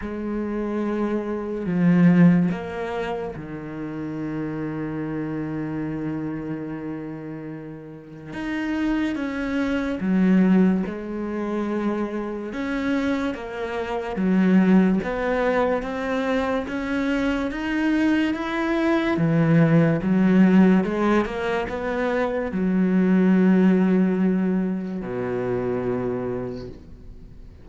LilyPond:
\new Staff \with { instrumentName = "cello" } { \time 4/4 \tempo 4 = 72 gis2 f4 ais4 | dis1~ | dis2 dis'4 cis'4 | fis4 gis2 cis'4 |
ais4 fis4 b4 c'4 | cis'4 dis'4 e'4 e4 | fis4 gis8 ais8 b4 fis4~ | fis2 b,2 | }